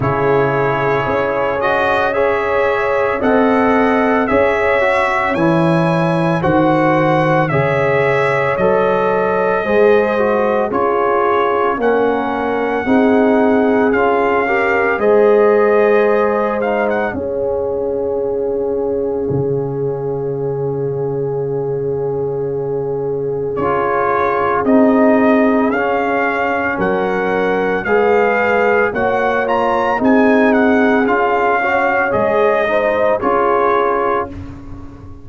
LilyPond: <<
  \new Staff \with { instrumentName = "trumpet" } { \time 4/4 \tempo 4 = 56 cis''4. dis''8 e''4 fis''4 | e''4 gis''4 fis''4 e''4 | dis''2 cis''4 fis''4~ | fis''4 f''4 dis''4. f''16 fis''16 |
f''1~ | f''2 cis''4 dis''4 | f''4 fis''4 f''4 fis''8 ais''8 | gis''8 fis''8 f''4 dis''4 cis''4 | }
  \new Staff \with { instrumentName = "horn" } { \time 4/4 gis'2 cis''4 dis''4 | cis''2 c''4 cis''4~ | cis''4 c''4 gis'4 ais'4 | gis'4. ais'8 c''2 |
gis'1~ | gis'1~ | gis'4 ais'4 b'4 cis''4 | gis'4. cis''4 c''8 gis'4 | }
  \new Staff \with { instrumentName = "trombone" } { \time 4/4 e'4. fis'8 gis'4 a'4 | gis'8 fis'8 e'4 fis'4 gis'4 | a'4 gis'8 fis'8 f'4 cis'4 | dis'4 f'8 g'8 gis'4. dis'8 |
cis'1~ | cis'2 f'4 dis'4 | cis'2 gis'4 fis'8 f'8 | dis'4 f'8 fis'8 gis'8 dis'8 f'4 | }
  \new Staff \with { instrumentName = "tuba" } { \time 4/4 cis4 cis'2 c'4 | cis'4 e4 dis4 cis4 | fis4 gis4 cis'4 ais4 | c'4 cis'4 gis2 |
cis'2 cis2~ | cis2 cis'4 c'4 | cis'4 fis4 gis4 ais4 | c'4 cis'4 gis4 cis'4 | }
>>